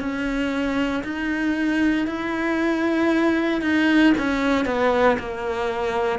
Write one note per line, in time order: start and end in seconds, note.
0.00 1.03 C#4
1.04 2.07 D#4
2.07 3.62 E4
3.62 4.13 D#4
4.18 4.66 C#4
4.66 5.17 B3
5.19 6.19 A#3